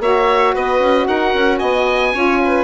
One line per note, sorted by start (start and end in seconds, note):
0.00 0.53 A#3
0.00 2.14 F#4
0.00 0.55 C#5
0.00 0.56 E5
0.55 0.80 B3
0.55 1.08 B4
0.55 1.08 D#5
0.80 1.06 C#4
1.08 1.34 D#4
1.08 1.59 A#4
1.08 1.59 F#5
1.34 1.61 C#4
1.59 2.15 B3
1.59 2.12 D#5
1.59 2.64 G#5
2.14 2.64 C#4
2.14 2.64 F4
2.14 2.41 C#5
2.45 2.64 B4